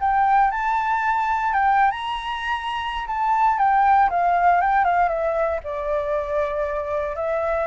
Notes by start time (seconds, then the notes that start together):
0.00 G5
0.51 A5
1.53 G5
1.91 A#5
3.07 A5
3.58 G5
4.10 F5
4.61 G5
4.85 F5
5.08 E5
5.64 D5
7.16 E5